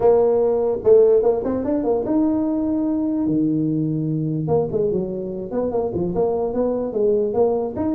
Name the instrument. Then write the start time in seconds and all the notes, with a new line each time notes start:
tuba
0.00 A#3
0.83 A3
1.22 A#3
1.44 C4
1.64 D4
1.84 A#3
2.05 D#4
3.27 D#3
4.47 A#3
4.71 G#3
4.91 F#3
5.51 B3
5.71 A#3
5.94 F3
6.14 A#3
6.53 B3
6.92 G#3
7.33 A#3
7.76 D#4